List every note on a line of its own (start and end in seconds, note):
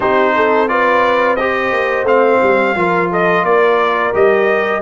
0.00 1.71 C4
0.00 0.68 D#4
0.00 0.33 G4
0.00 0.68 C5
0.35 0.70 A4
0.68 1.37 F4
0.68 1.38 B4
0.68 1.36 D5
1.36 2.06 G4
1.36 2.76 C5
1.36 2.05 D#5
1.71 2.03 A#3
2.03 2.37 A3
2.03 2.75 C4
2.03 3.10 F5
2.42 2.75 G3
2.75 3.43 F3
2.75 4.13 F4
2.75 3.10 A#4
3.10 3.44 A4
3.10 3.44 D#5
3.43 4.12 A#3
3.43 4.82 A#4
3.43 4.13 D5
4.13 4.82 G3
4.13 4.82 G4
4.13 4.82 D#5